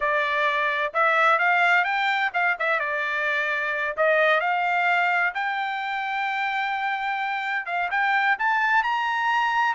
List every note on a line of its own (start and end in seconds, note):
0.00 0.93 D5
0.93 1.38 E5
1.38 1.84 F5
1.84 2.30 G5
2.33 2.57 F5
2.59 2.79 E5
2.79 3.95 D5
3.96 4.40 D#5
4.40 5.33 F5
5.34 7.66 G5
7.66 7.89 F5
7.90 8.37 G5
8.38 8.83 A5
8.83 9.74 A#5